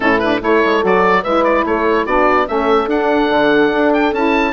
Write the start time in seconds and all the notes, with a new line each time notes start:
0.00 A2 C#4 E4 A4
0.19 D4 B4
0.40 A3 E4 A4 C#5
0.64 G#3
0.82 F#3 F#4 D5
1.22 G#3 E4 B4 E5
1.44 D5
1.64 A3 A4 C#5
2.05 B3 D4 F#4 D5
2.47 A3 C#4 A4 E5
2.86 D4 F#5
3.29 D3
3.72 D4
3.93 G5
4.12 C#4 E4 A5